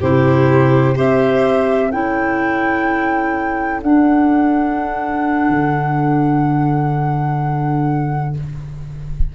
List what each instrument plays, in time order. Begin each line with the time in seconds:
0.00 tuba C3, clarinet E4, violin G4, flute C5
0.96 tuba C4, clarinet G4, violin C5, flute E5
1.90 tuba C#4, clarinet E4, violin A4, flute G5
3.82 clarinet D4, tuba D4, flute F#5
5.49 tuba D3